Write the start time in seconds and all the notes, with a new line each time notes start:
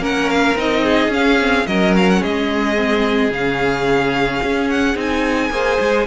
0.00 A#3 C#4 A#4 F#5
0.30 F5
0.56 C4 D#4 D#5
0.85 G#4
1.09 C#4 F5
1.40 C4
1.67 F#3 C#4 A#4 D#5
1.97 F5
2.10 F#5
2.21 G#3 G#4 D#5
2.76 C4
3.30 C#3 C#4 F5
4.43 C#4
4.70 F#5
4.96 C4 D#4 G#5
5.51 A#3 G#4 C5
5.81 G#3